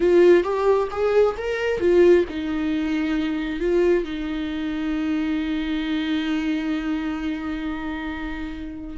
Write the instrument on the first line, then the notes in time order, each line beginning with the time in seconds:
viola
0.00 F4
0.43 G4
0.91 G#4
1.37 A#4
1.80 F4
2.29 D#4
3.60 F4
4.04 D#4